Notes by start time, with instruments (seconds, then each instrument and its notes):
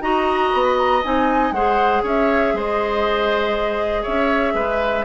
0.00 bassoon D#4, clarinet F#4, oboe D#5, flute A#5
0.53 bassoon B3
0.63 flute B5
0.78 flute A#5
1.03 bassoon C4, clarinet D#4, flute G#5
1.51 bassoon G#3, clarinet G#4, oboe C5, flute F#5
2.03 bassoon C#4, oboe C#5, flute E5
2.53 bassoon G#3, oboe C5, flute D#5
4.02 bassoon C#4, oboe C#5, flute E5
4.54 bassoon G#3, oboe B4